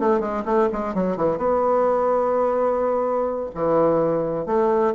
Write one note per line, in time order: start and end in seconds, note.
0.00 0.20 A3
0.20 0.44 G#3
0.46 0.69 A3
0.73 0.95 G#3
0.95 1.17 F#3
1.17 1.38 E3
1.38 3.50 B3
3.55 4.46 E3
4.46 4.93 A3